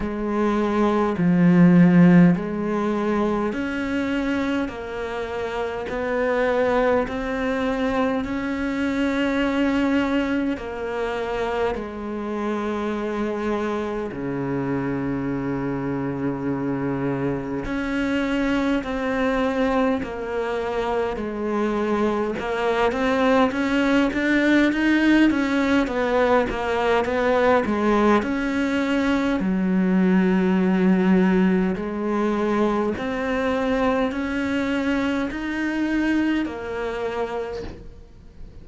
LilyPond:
\new Staff \with { instrumentName = "cello" } { \time 4/4 \tempo 4 = 51 gis4 f4 gis4 cis'4 | ais4 b4 c'4 cis'4~ | cis'4 ais4 gis2 | cis2. cis'4 |
c'4 ais4 gis4 ais8 c'8 | cis'8 d'8 dis'8 cis'8 b8 ais8 b8 gis8 | cis'4 fis2 gis4 | c'4 cis'4 dis'4 ais4 | }